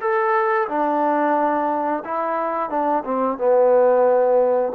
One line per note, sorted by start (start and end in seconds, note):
0.00 0.67 A4
0.68 2.03 D4
2.04 2.69 E4
2.69 3.03 D4
3.04 3.37 C4
3.37 4.72 B3